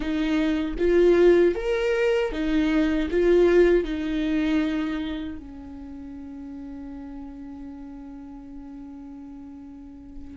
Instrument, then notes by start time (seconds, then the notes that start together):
viola
0.00 D#4
0.78 F4
1.55 A#4
2.31 D#4
3.10 F4
3.84 D#4
5.38 C#4